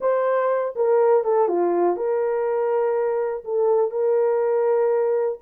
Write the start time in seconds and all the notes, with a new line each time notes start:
0.00 C5
0.75 A#4
1.24 A4
1.48 F4
1.96 A#4
3.44 A4
3.91 A#4